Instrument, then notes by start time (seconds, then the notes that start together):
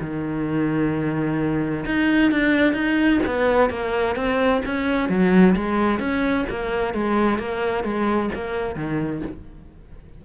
cello
0.00 D#3
1.85 D#4
2.31 D4
2.73 D#4
3.26 B3
3.69 A#3
4.15 C4
4.65 C#4
5.09 F#3
5.56 G#3
5.99 C#4
6.49 A#3
6.93 G#3
7.38 A#3
7.83 G#3
8.34 A#3
8.75 D#3